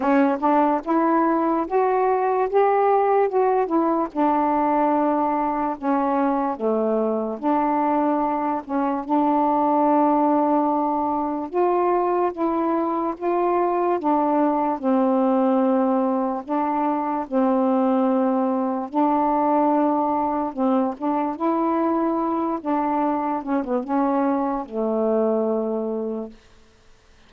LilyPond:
\new Staff \with { instrumentName = "saxophone" } { \time 4/4 \tempo 4 = 73 cis'8 d'8 e'4 fis'4 g'4 | fis'8 e'8 d'2 cis'4 | a4 d'4. cis'8 d'4~ | d'2 f'4 e'4 |
f'4 d'4 c'2 | d'4 c'2 d'4~ | d'4 c'8 d'8 e'4. d'8~ | d'8 cis'16 b16 cis'4 a2 | }